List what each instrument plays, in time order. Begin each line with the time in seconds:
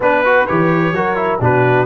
0.00 tuba B3, trombone D4, trumpet B4, horn B4
0.24 trombone F#4
0.46 tuba E3, trombone G4, trumpet C#5
0.92 tuba F#3, trombone F#4, horn A#4
1.16 trombone E4
1.40 tuba B2, trombone D4, horn F#4, trumpet B4